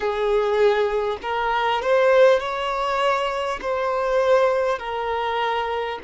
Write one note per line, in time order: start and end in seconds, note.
0.00 1.17 G#4
1.22 1.82 A#4
1.82 2.39 C5
2.39 3.59 C#5
3.61 4.78 C5
4.78 5.98 A#4